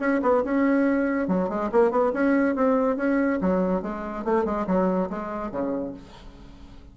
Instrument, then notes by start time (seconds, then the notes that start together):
bassoon
0.00 C#4
0.22 B3
0.44 C#4
1.28 F#3
1.49 G#3
1.72 A#3
1.91 B3
2.14 C#4
2.56 C4
2.97 C#4
3.41 F#3
3.82 G#3
4.25 A3
4.45 G#3
4.67 F#3
5.10 G#3
5.52 C#3